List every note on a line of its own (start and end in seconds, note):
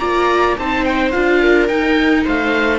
0.00 0.58 A#3
0.00 0.57 F4
0.00 0.56 D5
0.00 0.56 A#5
0.58 1.14 C4
0.58 1.13 D#4
0.58 1.42 C5
0.58 0.85 A5
0.85 1.12 G5
1.12 1.70 D4
1.12 1.69 F4
1.12 1.68 F5
1.42 2.25 A#4
1.68 2.79 D#4
1.68 2.26 D#4
1.68 2.24 G5
2.25 2.79 A3
2.25 2.79 C5
2.25 2.79 F5